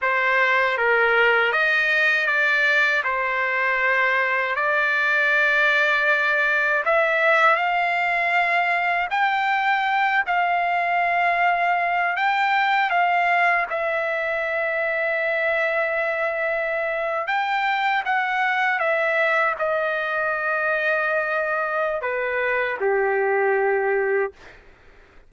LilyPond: \new Staff \with { instrumentName = "trumpet" } { \time 4/4 \tempo 4 = 79 c''4 ais'4 dis''4 d''4 | c''2 d''2~ | d''4 e''4 f''2 | g''4. f''2~ f''8 |
g''4 f''4 e''2~ | e''2~ e''8. g''4 fis''16~ | fis''8. e''4 dis''2~ dis''16~ | dis''4 b'4 g'2 | }